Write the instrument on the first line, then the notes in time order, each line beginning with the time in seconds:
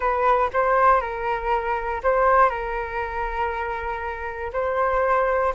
flute
0.00 B4
0.53 C5
1.01 A#4
2.03 C5
2.49 A#4
4.52 C5